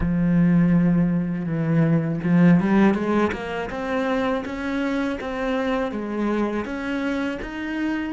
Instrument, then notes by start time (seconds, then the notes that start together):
cello
0.00 F3
1.45 E3
2.23 F3
2.60 G3
2.94 G#3
3.32 A#3
3.69 C4
4.45 C#4
5.20 C4
5.91 G#3
6.65 C#4
7.42 D#4